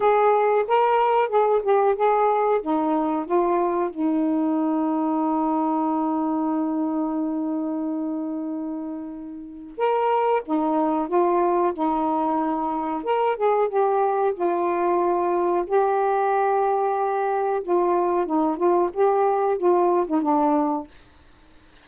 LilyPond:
\new Staff \with { instrumentName = "saxophone" } { \time 4/4 \tempo 4 = 92 gis'4 ais'4 gis'8 g'8 gis'4 | dis'4 f'4 dis'2~ | dis'1~ | dis'2. ais'4 |
dis'4 f'4 dis'2 | ais'8 gis'8 g'4 f'2 | g'2. f'4 | dis'8 f'8 g'4 f'8. dis'16 d'4 | }